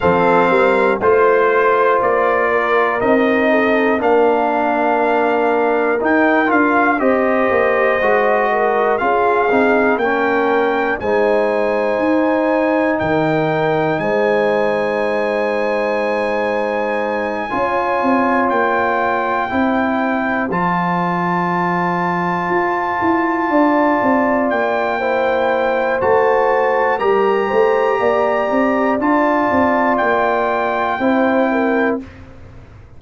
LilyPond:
<<
  \new Staff \with { instrumentName = "trumpet" } { \time 4/4 \tempo 4 = 60 f''4 c''4 d''4 dis''4 | f''2 g''8 f''8 dis''4~ | dis''4 f''4 g''4 gis''4~ | gis''4 g''4 gis''2~ |
gis''2~ gis''8 g''4.~ | g''8 a''2.~ a''8~ | a''8 g''4. a''4 ais''4~ | ais''4 a''4 g''2 | }
  \new Staff \with { instrumentName = "horn" } { \time 4/4 a'8 ais'8 c''4. ais'4 a'8 | ais'2. c''4~ | c''8 ais'8 gis'4 ais'4 c''4~ | c''4 ais'4 c''2~ |
c''4. cis''2 c''8~ | c''2.~ c''8 d''8~ | d''4 c''2 ais'8 c''8 | d''2. c''8 ais'8 | }
  \new Staff \with { instrumentName = "trombone" } { \time 4/4 c'4 f'2 dis'4 | d'2 dis'8 f'8 g'4 | fis'4 f'8 dis'8 cis'4 dis'4~ | dis'1~ |
dis'4. f'2 e'8~ | e'8 f'2.~ f'8~ | f'4 e'4 fis'4 g'4~ | g'4 f'2 e'4 | }
  \new Staff \with { instrumentName = "tuba" } { \time 4/4 f8 g8 a4 ais4 c'4 | ais2 dis'8 d'8 c'8 ais8 | gis4 cis'8 c'8 ais4 gis4 | dis'4 dis4 gis2~ |
gis4. cis'8 c'8 ais4 c'8~ | c'8 f2 f'8 e'8 d'8 | c'8 ais4. a4 g8 a8 | ais8 c'8 d'8 c'8 ais4 c'4 | }
>>